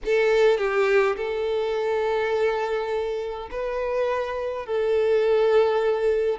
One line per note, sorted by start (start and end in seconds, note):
0.05 0.57 A4
0.57 1.15 G4
1.16 3.49 A4
3.51 4.66 B4
4.66 6.38 A4